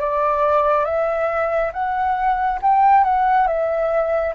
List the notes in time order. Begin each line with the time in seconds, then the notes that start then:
0.00 D5
0.84 E5
1.72 F#5
2.62 G5
3.04 F#5
3.47 E5